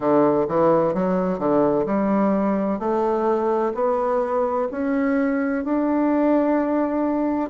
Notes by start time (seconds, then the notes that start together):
0.00 D3
0.47 E3
0.94 F#3
1.38 D3
1.85 G3
2.79 A3
3.74 B3
4.71 C#4
5.64 D4